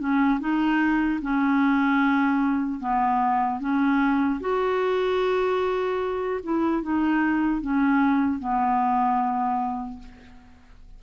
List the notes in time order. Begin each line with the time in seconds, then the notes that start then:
0.00 C#4
0.40 D#4
1.22 C#4
2.80 B3
3.60 C#4
4.41 F#4
6.44 E4
6.83 D#4
7.61 C#4
8.40 B3